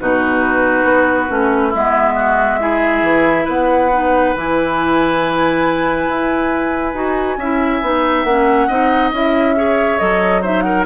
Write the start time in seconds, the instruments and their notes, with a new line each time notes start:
0.00 bassoon B2, clarinet D#4, oboe F#4, flute B4
0.84 bassoon B3
1.29 bassoon A3, clarinet C#4
1.69 bassoon G#3, oboe E4, flute E5
1.76 clarinet B3
2.16 oboe F#4
2.60 clarinet E4, oboe G#4
3.02 bassoon E3
3.45 bassoon B3, oboe B4, flute F#5
3.92 clarinet D#4
4.34 bassoon E3, clarinet E4, flute G#5
6.08 bassoon E4
6.94 bassoon D#4, clarinet F#4
7.37 bassoon C#4, clarinet E4, oboe E5
7.82 bassoon B3, clarinet D#4
8.23 bassoon A#3, clarinet C#4, flute F#5
8.68 bassoon C4, clarinet D#4, oboe D#5
9.12 bassoon C#4, clarinet E4, flute E5
9.57 clarinet G#4, oboe C#5
9.99 bassoon F#3, clarinet A4, flute D#5
10.42 clarinet D#4, oboe C5, flute E5
10.62 oboe A#4, flute F#5